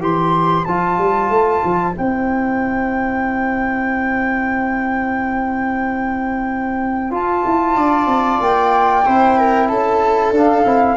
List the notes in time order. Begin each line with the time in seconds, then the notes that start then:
0.00 E3 G4 C5 C6
0.65 F3 F4 A5
0.98 G3
1.30 A3
1.64 F3
1.94 C4 E4 G5
7.11 F4 A5
7.46 E4
7.76 D4 D5
8.07 C4
8.41 A#3 G5
9.06 C4 E4 C5
9.38 A#4
9.68 C#4 A4 A5
10.32 D4 F5
10.65 C4 E4